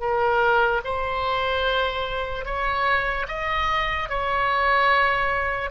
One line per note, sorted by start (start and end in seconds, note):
0.00 0.81 A#4
0.84 2.45 C5
2.45 3.26 C#5
3.28 4.09 D#5
4.09 5.70 C#5